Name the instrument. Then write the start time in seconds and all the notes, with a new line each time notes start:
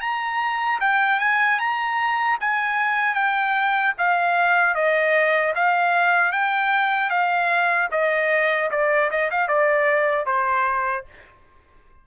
trumpet
0.00 A#5
0.80 G5
1.19 G#5
1.59 A#5
2.40 G#5
3.14 G5
3.98 F5
4.74 D#5
5.55 F5
6.32 G5
7.09 F5
7.91 D#5
8.71 D5
9.10 D#5
9.31 F5
9.48 D5
10.26 C5